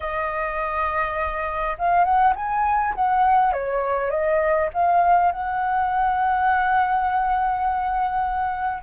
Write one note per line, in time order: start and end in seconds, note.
0.00 1.76 D#5
1.78 2.04 F5
2.04 2.33 F#5
2.35 2.94 G#5
2.94 3.52 F#5
3.52 4.10 C#5
4.10 4.69 D#5
4.73 5.31 F5
5.31 8.82 F#5